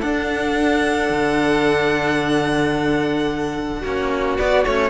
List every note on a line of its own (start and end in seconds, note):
0.00 3.84 D4
0.00 1.10 D4
0.00 3.81 A4
0.00 4.38 F#5
1.10 3.83 D3
3.81 4.39 A#3
3.81 4.39 C#4
3.81 4.90 F#4
4.39 4.66 B3
4.39 4.66 D5
4.66 4.90 A3
4.66 4.90 C#4
4.66 4.90 C#5